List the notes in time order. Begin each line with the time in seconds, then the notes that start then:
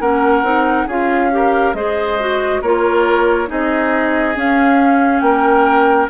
0.00 A#3 C#4 A#4 F#5
0.42 C4 D#4
0.87 C#4 F4 G#4 F5
1.31 G4 A#4
1.74 G#3 G#4 C5 D#5
2.19 F#4
2.61 A#3 F4 A#4 C#5
3.47 C4 D#4 G#4 D#5
4.36 C#4 F5
5.20 A#3 A#4 G5